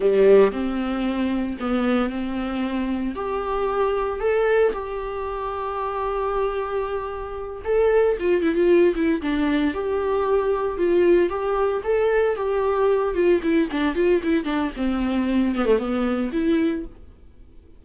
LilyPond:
\new Staff \with { instrumentName = "viola" } { \time 4/4 \tempo 4 = 114 g4 c'2 b4 | c'2 g'2 | a'4 g'2.~ | g'2~ g'8 a'4 f'8 |
e'16 f'8. e'8 d'4 g'4.~ | g'8 f'4 g'4 a'4 g'8~ | g'4 f'8 e'8 d'8 f'8 e'8 d'8 | c'4. b16 a16 b4 e'4 | }